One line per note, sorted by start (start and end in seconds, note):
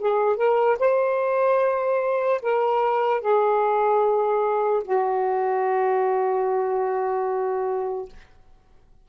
0.00 0.37 G#4
0.37 0.77 A#4
0.80 2.42 C5
2.43 3.21 A#4
3.21 4.83 G#4
4.84 8.09 F#4